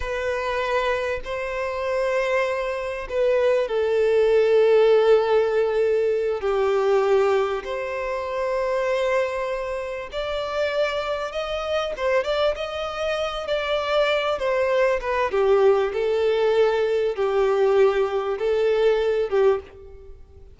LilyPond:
\new Staff \with { instrumentName = "violin" } { \time 4/4 \tempo 4 = 98 b'2 c''2~ | c''4 b'4 a'2~ | a'2~ a'8 g'4.~ | g'8 c''2.~ c''8~ |
c''8 d''2 dis''4 c''8 | d''8 dis''4. d''4. c''8~ | c''8 b'8 g'4 a'2 | g'2 a'4. g'8 | }